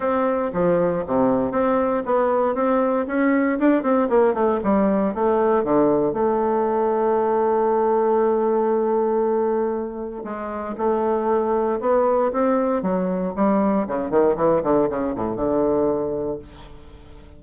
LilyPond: \new Staff \with { instrumentName = "bassoon" } { \time 4/4 \tempo 4 = 117 c'4 f4 c4 c'4 | b4 c'4 cis'4 d'8 c'8 | ais8 a8 g4 a4 d4 | a1~ |
a1 | gis4 a2 b4 | c'4 fis4 g4 cis8 dis8 | e8 d8 cis8 a,8 d2 | }